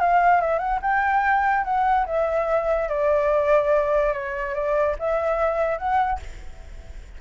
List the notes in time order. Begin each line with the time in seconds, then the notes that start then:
0.00 F5
0.41 E5
0.59 F#5
0.82 G5
1.65 F#5
2.07 E5
2.89 D5
4.13 C#5
4.55 D5
4.99 E5
5.79 F#5